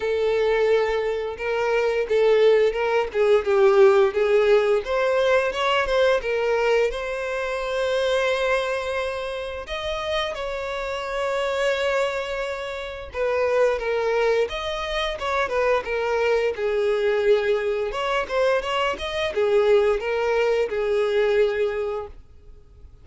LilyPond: \new Staff \with { instrumentName = "violin" } { \time 4/4 \tempo 4 = 87 a'2 ais'4 a'4 | ais'8 gis'8 g'4 gis'4 c''4 | cis''8 c''8 ais'4 c''2~ | c''2 dis''4 cis''4~ |
cis''2. b'4 | ais'4 dis''4 cis''8 b'8 ais'4 | gis'2 cis''8 c''8 cis''8 dis''8 | gis'4 ais'4 gis'2 | }